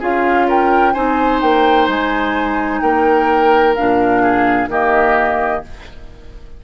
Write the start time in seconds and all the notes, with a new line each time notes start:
0.00 C#4 F4 G#4 F5
0.48 A#4 G5
0.94 C4 D#4 C5 G#5
1.41 A#3 G5
1.88 G#3 G#5
2.81 A#3 A#4 G5
3.76 A#2 D4 F5
4.23 G#4
4.68 D#3 A#3 G4 D#5